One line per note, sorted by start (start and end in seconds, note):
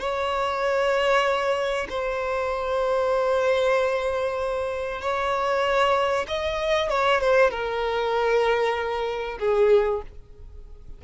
0.00 1.88 C#5
1.90 5.02 C5
5.02 6.27 C#5
6.28 6.89 D#5
6.89 7.21 C#5
7.21 7.51 C5
7.51 9.38 A#4
9.39 10.02 G#4